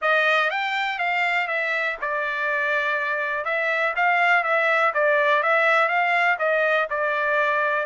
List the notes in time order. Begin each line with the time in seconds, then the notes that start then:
0.01 D#5
0.50 G5
0.98 F5
1.47 E5
2.01 D5
3.44 E5
3.96 F5
4.43 E5
4.94 D5
5.42 E5
5.88 F5
6.38 D#5
6.89 D5